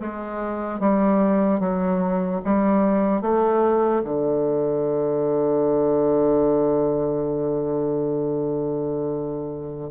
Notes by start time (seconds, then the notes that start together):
0.00 G#3
0.80 G3
1.60 F#3
2.45 G3
3.21 A3
4.04 D3